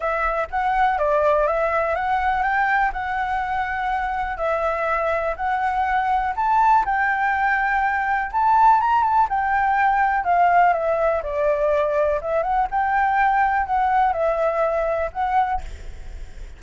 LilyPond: \new Staff \with { instrumentName = "flute" } { \time 4/4 \tempo 4 = 123 e''4 fis''4 d''4 e''4 | fis''4 g''4 fis''2~ | fis''4 e''2 fis''4~ | fis''4 a''4 g''2~ |
g''4 a''4 ais''8 a''8 g''4~ | g''4 f''4 e''4 d''4~ | d''4 e''8 fis''8 g''2 | fis''4 e''2 fis''4 | }